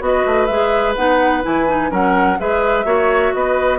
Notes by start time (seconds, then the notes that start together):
0.00 B3 F#4 D#5
0.08 B4
0.26 A3
0.46 G#3 G#4 E5
0.96 B3 D#4 F#5
1.43 E3 E4 G#5
1.68 D#4
1.90 F#3 C#4 A#4 F#5
2.39 G#3 G#4 B4 E5
2.85 A#3 F#4 C#5
3.34 B3 B4 D#5